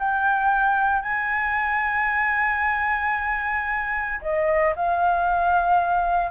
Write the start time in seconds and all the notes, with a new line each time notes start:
0.00 G5
1.03 G#5
4.22 D#5
4.76 F5